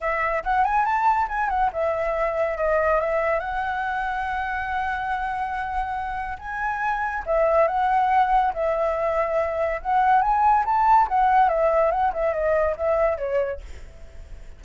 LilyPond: \new Staff \with { instrumentName = "flute" } { \time 4/4 \tempo 4 = 141 e''4 fis''8 gis''8 a''4 gis''8 fis''8 | e''2 dis''4 e''4 | fis''1~ | fis''2. gis''4~ |
gis''4 e''4 fis''2 | e''2. fis''4 | gis''4 a''4 fis''4 e''4 | fis''8 e''8 dis''4 e''4 cis''4 | }